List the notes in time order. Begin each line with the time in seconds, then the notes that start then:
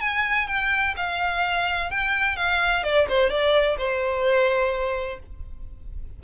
0.00 G#5
0.47 G5
0.96 F5
1.90 G5
2.36 F5
2.83 D5
3.09 C5
3.30 D5
3.78 C5